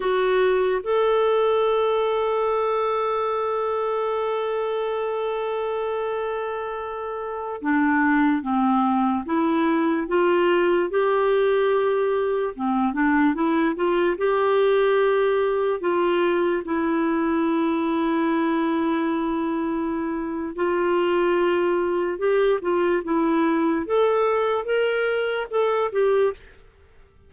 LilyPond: \new Staff \with { instrumentName = "clarinet" } { \time 4/4 \tempo 4 = 73 fis'4 a'2.~ | a'1~ | a'4~ a'16 d'4 c'4 e'8.~ | e'16 f'4 g'2 c'8 d'16~ |
d'16 e'8 f'8 g'2 f'8.~ | f'16 e'2.~ e'8.~ | e'4 f'2 g'8 f'8 | e'4 a'4 ais'4 a'8 g'8 | }